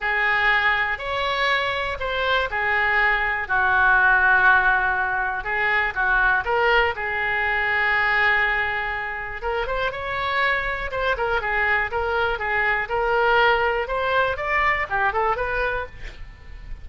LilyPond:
\new Staff \with { instrumentName = "oboe" } { \time 4/4 \tempo 4 = 121 gis'2 cis''2 | c''4 gis'2 fis'4~ | fis'2. gis'4 | fis'4 ais'4 gis'2~ |
gis'2. ais'8 c''8 | cis''2 c''8 ais'8 gis'4 | ais'4 gis'4 ais'2 | c''4 d''4 g'8 a'8 b'4 | }